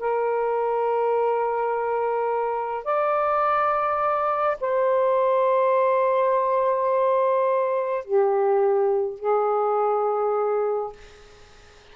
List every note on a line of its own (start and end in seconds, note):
0.00 2.85 A#4
2.85 4.58 D5
4.61 8.05 C5
8.05 9.20 G4
9.20 10.93 G#4